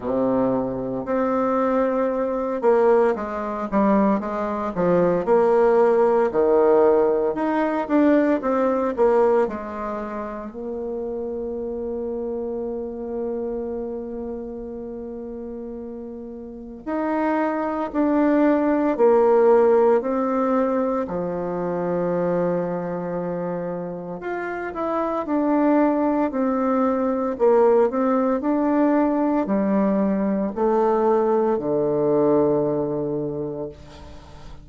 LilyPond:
\new Staff \with { instrumentName = "bassoon" } { \time 4/4 \tempo 4 = 57 c4 c'4. ais8 gis8 g8 | gis8 f8 ais4 dis4 dis'8 d'8 | c'8 ais8 gis4 ais2~ | ais1 |
dis'4 d'4 ais4 c'4 | f2. f'8 e'8 | d'4 c'4 ais8 c'8 d'4 | g4 a4 d2 | }